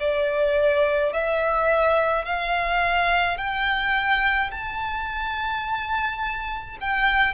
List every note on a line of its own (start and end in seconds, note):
0.00 1.13 D5
1.13 2.25 E5
2.25 3.38 F5
3.38 4.51 G5
4.52 6.78 A5
6.81 7.35 G5